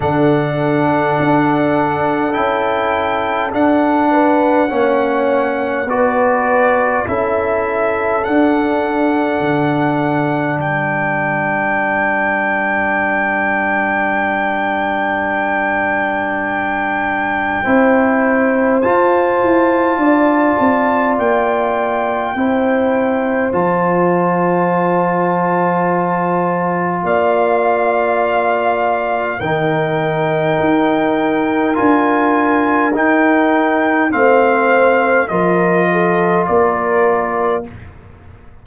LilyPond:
<<
  \new Staff \with { instrumentName = "trumpet" } { \time 4/4 \tempo 4 = 51 fis''2 g''4 fis''4~ | fis''4 d''4 e''4 fis''4~ | fis''4 g''2.~ | g''1 |
a''2 g''2 | a''2. f''4~ | f''4 g''2 gis''4 | g''4 f''4 dis''4 d''4 | }
  \new Staff \with { instrumentName = "horn" } { \time 4/4 a'2.~ a'8 b'8 | cis''4 b'4 a'2~ | a'4 ais'2.~ | ais'2. c''4~ |
c''4 d''2 c''4~ | c''2. d''4~ | d''4 ais'2.~ | ais'4 c''4 ais'8 a'8 ais'4 | }
  \new Staff \with { instrumentName = "trombone" } { \time 4/4 d'2 e'4 d'4 | cis'4 fis'4 e'4 d'4~ | d'1~ | d'2. e'4 |
f'2. e'4 | f'1~ | f'4 dis'2 f'4 | dis'4 c'4 f'2 | }
  \new Staff \with { instrumentName = "tuba" } { \time 4/4 d4 d'4 cis'4 d'4 | ais4 b4 cis'4 d'4 | d4 g2.~ | g2. c'4 |
f'8 e'8 d'8 c'8 ais4 c'4 | f2. ais4~ | ais4 dis4 dis'4 d'4 | dis'4 a4 f4 ais4 | }
>>